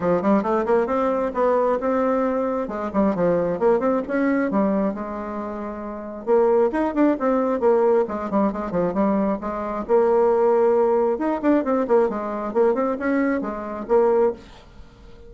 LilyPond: \new Staff \with { instrumentName = "bassoon" } { \time 4/4 \tempo 4 = 134 f8 g8 a8 ais8 c'4 b4 | c'2 gis8 g8 f4 | ais8 c'8 cis'4 g4 gis4~ | gis2 ais4 dis'8 d'8 |
c'4 ais4 gis8 g8 gis8 f8 | g4 gis4 ais2~ | ais4 dis'8 d'8 c'8 ais8 gis4 | ais8 c'8 cis'4 gis4 ais4 | }